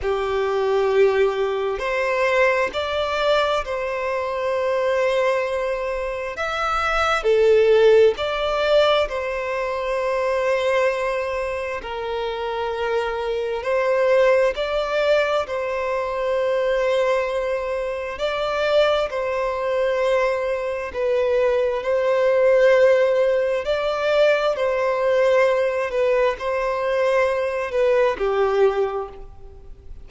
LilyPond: \new Staff \with { instrumentName = "violin" } { \time 4/4 \tempo 4 = 66 g'2 c''4 d''4 | c''2. e''4 | a'4 d''4 c''2~ | c''4 ais'2 c''4 |
d''4 c''2. | d''4 c''2 b'4 | c''2 d''4 c''4~ | c''8 b'8 c''4. b'8 g'4 | }